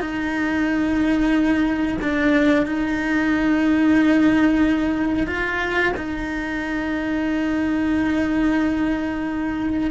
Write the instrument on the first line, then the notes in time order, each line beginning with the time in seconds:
cello
0.00 D#4
2.02 D4
2.66 D#4
5.27 F4
5.96 D#4